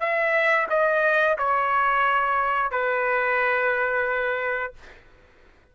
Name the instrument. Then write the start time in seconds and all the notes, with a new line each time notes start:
trumpet
0.00 E5
0.70 D#5
1.38 C#5
2.72 B4